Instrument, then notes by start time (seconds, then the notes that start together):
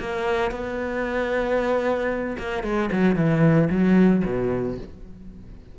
cello
0.00 A#3
0.51 B3
2.38 A#3
2.63 G#3
2.92 F#3
3.15 E3
3.70 F#3
4.25 B2